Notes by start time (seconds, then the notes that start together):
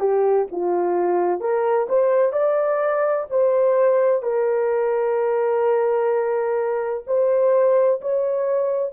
0.00 G4
0.52 F4
1.41 A#4
1.89 C5
2.33 D5
3.30 C5
4.23 A#4
7.07 C5
8.02 C#5